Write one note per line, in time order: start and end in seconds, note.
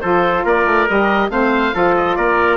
0.00 0.44 F3
0.00 0.87 F4
0.00 0.45 A4
0.00 0.43 C5
0.44 0.66 A#3
0.44 1.30 A#4
0.44 0.88 D5
0.66 0.87 A3
0.87 1.29 G3
0.87 1.30 G4
0.87 1.31 D#5
1.29 1.72 A3
1.29 1.73 C4
1.29 1.74 C5
1.29 1.95 F5
1.73 2.17 F3
1.73 2.57 F4
1.73 2.17 A4
1.96 2.16 D#5
2.16 2.57 A#3
2.16 2.57 A#4
2.16 2.57 D5